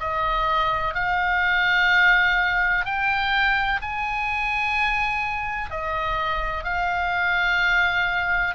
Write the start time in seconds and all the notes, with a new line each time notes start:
0.00 D#5
0.94 F5
2.85 G5
3.81 G#5
5.70 D#5
6.64 F5